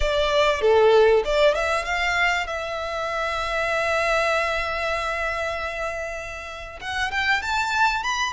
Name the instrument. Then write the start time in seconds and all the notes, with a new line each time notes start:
violin
0.00 D5
0.61 A4
1.25 D5
1.55 E5
1.84 F5
2.46 E5
6.80 F#5
7.11 G5
7.42 A5
8.03 B5